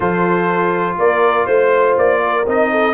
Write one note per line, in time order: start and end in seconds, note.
0.00 0.96 F3
0.00 2.45 F4
0.00 0.98 A4
0.00 0.97 C5
0.98 1.47 A#3
0.98 1.46 A#4
0.98 1.46 D5
1.46 1.96 A3
1.46 2.20 C5
1.46 1.95 C5
1.96 2.46 A#3
1.96 2.47 D5
2.24 2.71 A#4
2.46 2.93 C4
2.46 2.93 D#4
2.46 2.93 D#5
2.71 2.93 A4